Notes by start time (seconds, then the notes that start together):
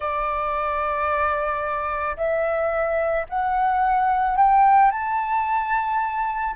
0.00 D5
2.17 E5
3.29 F#5
4.36 G5
4.91 A5